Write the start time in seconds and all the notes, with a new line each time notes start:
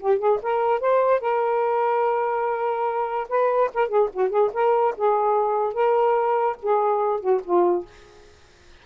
0.00 G4
0.19 G#4
0.43 A#4
0.81 C5
1.21 A#4
3.29 B4
3.74 A#4
3.89 G#4
4.13 F#4
4.30 G#4
4.54 A#4
4.97 G#4
5.74 A#4
6.63 G#4
7.21 F#4
7.45 F4